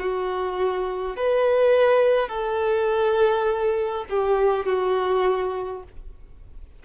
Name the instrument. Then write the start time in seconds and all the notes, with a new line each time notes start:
violin
0.00 F#4
1.17 B4
2.29 A4
4.10 G4
4.66 F#4